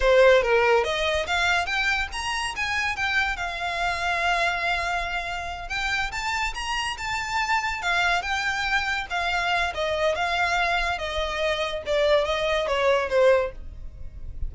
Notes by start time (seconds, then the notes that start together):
0.00 C5
0.42 A#4
0.83 D#5
1.26 F5
1.66 G5
2.12 A#5
2.56 G#5
2.96 G5
3.36 F5
5.69 G5
6.11 A5
6.54 A#5
6.97 A5
7.81 F5
8.21 G5
9.09 F5
9.74 D#5
10.15 F5
10.98 D#5
11.86 D5
12.25 D#5
12.67 C#5
13.09 C5